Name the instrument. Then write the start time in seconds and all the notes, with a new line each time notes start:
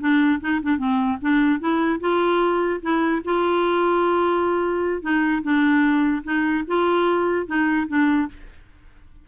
clarinet
0.00 D4
0.40 D#4
0.63 D4
0.78 C4
1.21 D4
1.60 E4
2.00 F4
2.82 E4
3.25 F4
5.02 D#4
5.42 D4
6.24 D#4
6.67 F4
7.46 D#4
7.88 D4